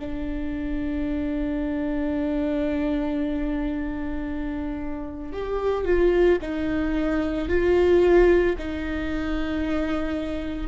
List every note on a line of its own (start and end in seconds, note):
0.00 5.33 D4
5.33 5.85 G4
5.85 6.39 F4
6.42 7.49 D#4
7.49 8.56 F4
8.59 10.68 D#4